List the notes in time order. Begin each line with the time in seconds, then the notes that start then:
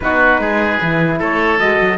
0.00 B3 D#4 F#4 B4
0.39 G#3 G#4
0.81 E3 E4
1.19 A3 A4 C#5
1.58 G#3 F#4 D#5
1.80 F#3